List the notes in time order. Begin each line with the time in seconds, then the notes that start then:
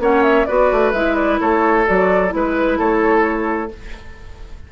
0.00 A#3 C#4 C#5 F#5
0.23 E5
0.45 B3 F#4 B4 D5
0.72 A3
0.93 G#3 E4 E5
1.16 D5
1.40 A3 A4 C#5
1.86 F#3 F#4 D5
2.29 G#3 E4 B4
2.36 B4
2.78 A3 A4 C#5